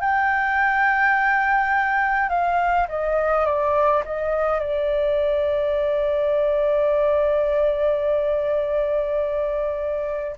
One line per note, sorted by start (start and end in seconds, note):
0.00 2.29 G5
2.29 2.87 F5
2.88 3.45 D#5
3.45 4.03 D5
4.05 4.59 D#5
4.59 10.36 D5